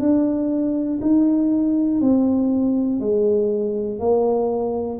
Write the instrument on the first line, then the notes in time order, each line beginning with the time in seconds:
tuba
0.00 D4
1.01 D#4
2.01 C4
3.00 G#3
3.99 A#3